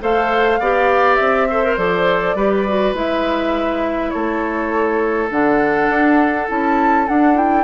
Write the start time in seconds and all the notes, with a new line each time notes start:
0.00 A3 A4 C5 F5
0.60 B3 G4 D5
1.16 C4 E5
1.50 A4 C5
1.64 A#4
1.77 F3 A4 D5
2.35 G3 G4 B4
2.68 F#4
2.94 G#3 E4 E5
4.10 A3 A4 C#5
5.31 D3 D4 F#5
5.89 D4
6.48 C#4 E4 A5
7.07 D4 F#5
7.35 E4 G5